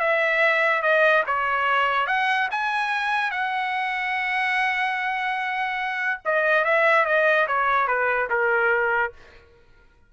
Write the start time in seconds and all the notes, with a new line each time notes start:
0.00 E5
0.82 D#5
1.27 C#5
2.07 F#5
2.51 G#5
3.31 F#5
6.25 D#5
6.65 E5
7.06 D#5
7.48 C#5
7.88 B4
8.30 A#4